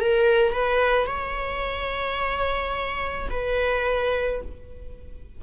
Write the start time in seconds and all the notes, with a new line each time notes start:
0.00 A#4
0.52 B4
1.07 C#5
3.30 B4